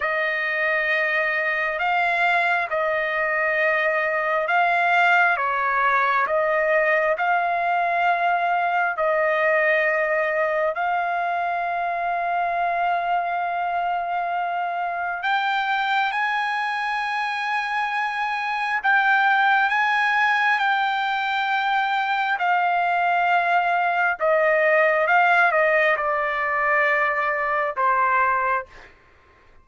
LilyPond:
\new Staff \with { instrumentName = "trumpet" } { \time 4/4 \tempo 4 = 67 dis''2 f''4 dis''4~ | dis''4 f''4 cis''4 dis''4 | f''2 dis''2 | f''1~ |
f''4 g''4 gis''2~ | gis''4 g''4 gis''4 g''4~ | g''4 f''2 dis''4 | f''8 dis''8 d''2 c''4 | }